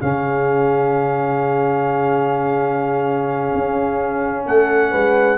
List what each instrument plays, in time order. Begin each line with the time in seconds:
0.00 tuba C#3, trombone C#4, horn G#4, trumpet F5
3.54 tuba C#4
4.46 tuba A3, horn A4, trumpet F#5
4.92 tuba G#3, horn B4